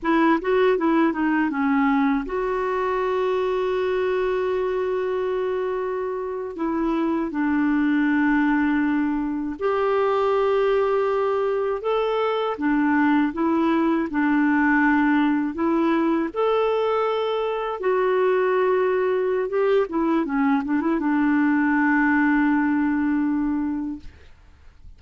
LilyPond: \new Staff \with { instrumentName = "clarinet" } { \time 4/4 \tempo 4 = 80 e'8 fis'8 e'8 dis'8 cis'4 fis'4~ | fis'1~ | fis'8. e'4 d'2~ d'16~ | d'8. g'2. a'16~ |
a'8. d'4 e'4 d'4~ d'16~ | d'8. e'4 a'2 fis'16~ | fis'2 g'8 e'8 cis'8 d'16 e'16 | d'1 | }